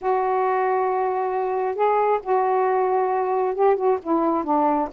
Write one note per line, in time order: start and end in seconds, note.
0.01 1.75 F#4
1.75 2.19 G#4
2.23 3.54 F#4
3.54 3.76 G4
3.76 3.98 F#4
4.02 4.43 E4
4.43 4.88 D4